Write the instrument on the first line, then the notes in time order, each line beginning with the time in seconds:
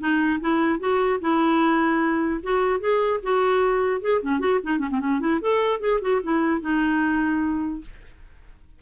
clarinet
0.00 D#4
0.41 E4
0.80 F#4
1.21 E4
2.43 F#4
2.81 G#4
3.23 F#4
4.02 G#4
4.23 C#4
4.40 F#4
4.64 D#4
4.79 C#4
4.91 C4
5.01 C#4
5.20 E4
5.42 A4
5.81 G#4
6.02 F#4
6.23 E4
6.62 D#4